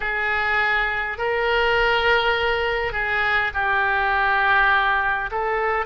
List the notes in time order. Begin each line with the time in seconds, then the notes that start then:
0.00 G#4
1.18 A#4
2.92 G#4
3.53 G4
5.30 A4